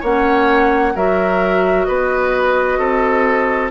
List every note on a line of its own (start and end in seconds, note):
0.00 0.95 A#3
0.00 0.95 C#4
0.00 0.92 C#5
0.00 0.96 F#5
0.95 1.88 F#3
0.95 3.71 F#4
0.95 1.87 A#4
0.95 1.85 E5
1.85 2.78 B3
1.85 2.78 B4
1.85 3.69 D#5
2.78 3.71 C4
2.78 3.71 A4